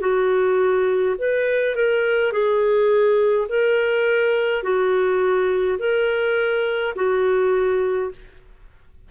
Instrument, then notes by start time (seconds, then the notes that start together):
clarinet
0.00 F#4
1.18 B4
1.75 A#4
2.32 G#4
3.48 A#4
4.63 F#4
5.78 A#4
6.95 F#4